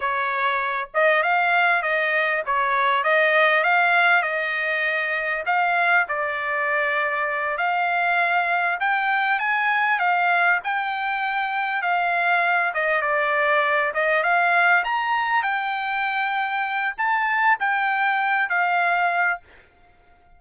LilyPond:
\new Staff \with { instrumentName = "trumpet" } { \time 4/4 \tempo 4 = 99 cis''4. dis''8 f''4 dis''4 | cis''4 dis''4 f''4 dis''4~ | dis''4 f''4 d''2~ | d''8 f''2 g''4 gis''8~ |
gis''8 f''4 g''2 f''8~ | f''4 dis''8 d''4. dis''8 f''8~ | f''8 ais''4 g''2~ g''8 | a''4 g''4. f''4. | }